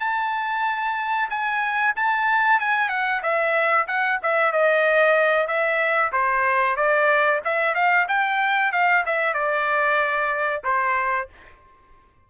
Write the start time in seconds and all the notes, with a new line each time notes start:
0.00 A5
1.30 G#5
1.96 A5
2.60 G#5
2.89 F#5
3.23 E5
3.88 F#5
4.23 E5
4.53 D#5
5.48 E5
6.13 C5
6.77 D5
7.45 E5
7.75 F5
8.09 G5
8.72 F5
9.06 E5
9.34 D5
10.64 C5